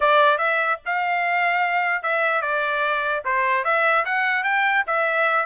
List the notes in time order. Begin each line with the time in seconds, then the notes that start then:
0.00 D5
0.38 E5
0.85 F5
2.03 E5
2.41 D5
3.24 C5
3.64 E5
4.05 F#5
4.43 G5
4.86 E5